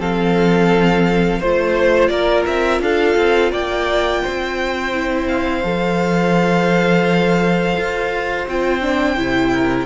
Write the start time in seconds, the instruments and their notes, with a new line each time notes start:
0.00 cello F3, viola C4, violin A4 F5
1.39 cello A3, viola F4, violin C5
2.09 cello A#3, violin A#4 D5
2.46 cello C4, violin E5
2.81 cello D4, violin A4 F5
3.17 cello C4
3.52 cello A#3, violin D5 G5
4.23 cello C4, violin C5
4.94 viola E4
5.28 violin F5
5.64 cello F3, viola A4
7.77 cello F4
8.48 cello C4, viola F4, violin G5
8.82 viola D4
9.17 cello C3, viola E4
9.52 violin A#4